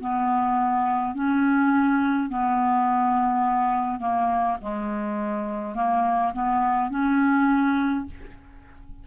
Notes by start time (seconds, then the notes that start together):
0.00 B3
1.15 C#4
2.29 B3
4.00 A#3
4.61 G#3
5.75 A#3
6.34 B3
6.90 C#4